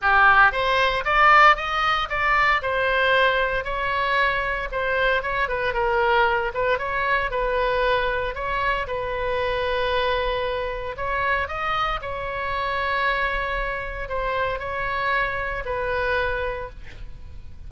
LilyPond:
\new Staff \with { instrumentName = "oboe" } { \time 4/4 \tempo 4 = 115 g'4 c''4 d''4 dis''4 | d''4 c''2 cis''4~ | cis''4 c''4 cis''8 b'8 ais'4~ | ais'8 b'8 cis''4 b'2 |
cis''4 b'2.~ | b'4 cis''4 dis''4 cis''4~ | cis''2. c''4 | cis''2 b'2 | }